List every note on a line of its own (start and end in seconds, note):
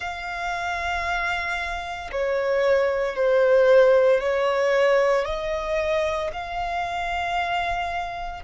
0.00 2.10 F5
2.11 3.15 C#5
3.15 4.20 C5
4.20 5.25 C#5
5.25 6.30 D#5
6.33 8.43 F5